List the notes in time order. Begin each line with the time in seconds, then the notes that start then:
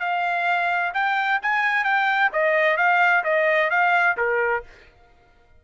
0.00 F5
0.94 G5
1.43 G#5
1.84 G5
2.33 D#5
2.77 F5
3.24 D#5
3.71 F5
4.17 A#4